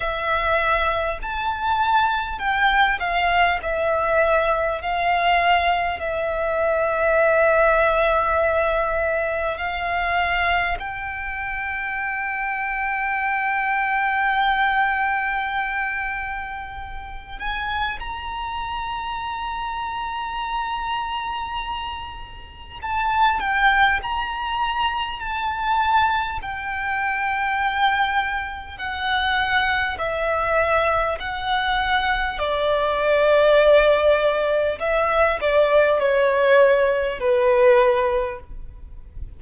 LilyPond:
\new Staff \with { instrumentName = "violin" } { \time 4/4 \tempo 4 = 50 e''4 a''4 g''8 f''8 e''4 | f''4 e''2. | f''4 g''2.~ | g''2~ g''8 gis''8 ais''4~ |
ais''2. a''8 g''8 | ais''4 a''4 g''2 | fis''4 e''4 fis''4 d''4~ | d''4 e''8 d''8 cis''4 b'4 | }